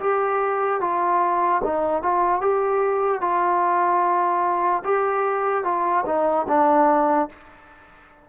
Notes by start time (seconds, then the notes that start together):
0.00 G4
0.81 F4
1.64 D#4
2.03 F4
2.41 G4
3.21 F4
4.85 G4
5.64 F4
6.06 D#4
6.48 D4